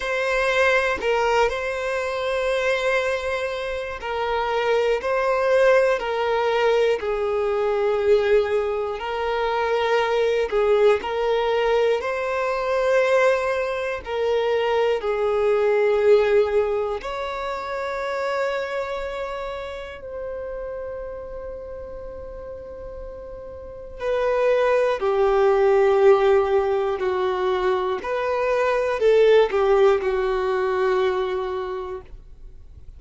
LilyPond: \new Staff \with { instrumentName = "violin" } { \time 4/4 \tempo 4 = 60 c''4 ais'8 c''2~ c''8 | ais'4 c''4 ais'4 gis'4~ | gis'4 ais'4. gis'8 ais'4 | c''2 ais'4 gis'4~ |
gis'4 cis''2. | c''1 | b'4 g'2 fis'4 | b'4 a'8 g'8 fis'2 | }